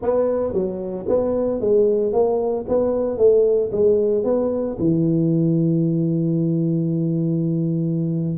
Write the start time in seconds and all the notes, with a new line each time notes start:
0.02 B3
0.53 F#3
1.08 B3
1.60 G#3
2.12 A#3
2.68 B3
3.17 A3
3.71 G#3
4.24 B3
4.79 E3